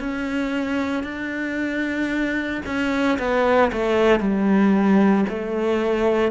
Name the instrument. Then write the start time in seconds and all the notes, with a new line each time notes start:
cello
0.00 C#4
1.04 D4
2.66 C#4
3.19 B3
3.72 A3
4.20 G3
5.29 A3